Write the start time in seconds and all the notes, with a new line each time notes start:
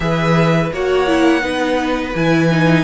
0.00 E3 G#4 B4 E5
0.72 A#3 F#4 C#5 F#5
1.07 E4
1.41 B3 D#4 B4
2.14 E3 E4 G#5
2.51 D#4